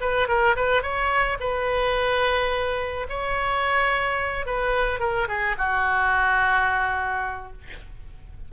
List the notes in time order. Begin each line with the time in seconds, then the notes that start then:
0.00 B4
0.28 A#4
0.56 B4
0.82 C#5
1.40 B4
3.09 C#5
4.46 B4
4.99 A#4
5.28 G#4
5.58 F#4